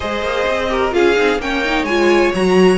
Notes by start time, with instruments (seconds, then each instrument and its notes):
0.00 cello G#3, viola G#4, violin C5 D#5
0.21 cello A#3
0.47 cello C4
0.69 viola G4, violin A#4
0.91 cello C#4, viola F4, violin G#4 F5
1.16 cello C4, viola D#4
1.38 cello A#3, viola C#4, violin C#5 G5
1.64 viola D#4
1.83 cello G#3, viola F4, violin G#5
2.34 cello F#3, viola F#4, violin A#5